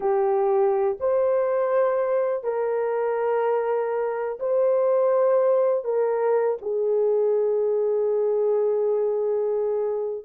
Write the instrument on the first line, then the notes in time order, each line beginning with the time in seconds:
horn
0.00 G4
1.00 C5
2.43 A#4
4.39 C5
5.84 A#4
6.61 G#4